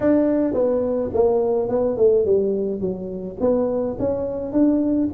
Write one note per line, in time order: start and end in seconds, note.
0.00 0.53 D4
0.53 1.10 B3
1.13 1.69 A#3
1.69 1.97 B3
1.97 2.25 A3
2.25 2.80 G3
2.80 3.37 F#3
3.40 3.97 B3
3.99 4.52 C#4
4.52 5.09 D4